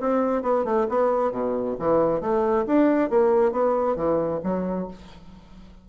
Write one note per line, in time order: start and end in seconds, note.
0.00 0.42 C4
0.42 0.64 B3
0.64 0.86 A3
0.89 1.31 B3
1.31 1.75 B2
1.79 2.20 E3
2.20 2.65 A3
2.66 3.09 D4
3.09 3.52 A#3
3.52 3.96 B3
3.96 4.40 E3
4.43 4.88 F#3